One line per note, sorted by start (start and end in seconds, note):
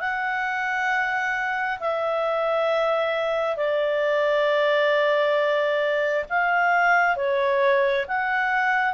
0.00 1.79 F#5
1.80 3.57 E5
3.57 6.25 D5
6.29 7.16 F5
7.16 8.06 C#5
8.08 8.94 F#5